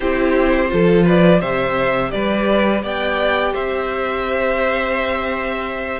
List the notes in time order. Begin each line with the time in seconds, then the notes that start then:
0.00 C4 E4 G4 C5
0.69 F3 F4 A4
1.05 B4 D5
1.39 C3 G4 C5 E5
2.11 G3 B4 D5
2.82 B3 D5 G5
3.53 C4 C5 E5